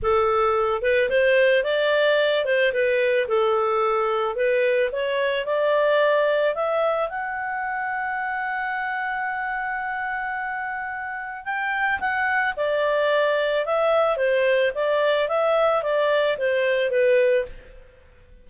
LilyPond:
\new Staff \with { instrumentName = "clarinet" } { \time 4/4 \tempo 4 = 110 a'4. b'8 c''4 d''4~ | d''8 c''8 b'4 a'2 | b'4 cis''4 d''2 | e''4 fis''2.~ |
fis''1~ | fis''4 g''4 fis''4 d''4~ | d''4 e''4 c''4 d''4 | e''4 d''4 c''4 b'4 | }